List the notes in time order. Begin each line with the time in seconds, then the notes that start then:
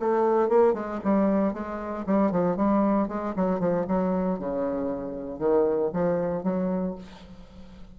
0.00 A3
0.49 A#3
0.74 G#3
1.05 G3
1.54 G#3
2.07 G3
2.32 F3
2.57 G3
3.08 G#3
3.36 F#3
3.60 F3
3.88 F#3
4.39 C#3
5.39 D#3
5.93 F3
6.44 F#3